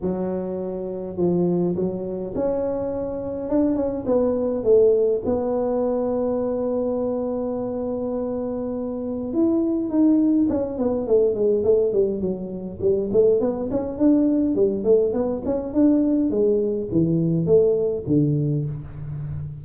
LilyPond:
\new Staff \with { instrumentName = "tuba" } { \time 4/4 \tempo 4 = 103 fis2 f4 fis4 | cis'2 d'8 cis'8 b4 | a4 b2.~ | b1 |
e'4 dis'4 cis'8 b8 a8 gis8 | a8 g8 fis4 g8 a8 b8 cis'8 | d'4 g8 a8 b8 cis'8 d'4 | gis4 e4 a4 d4 | }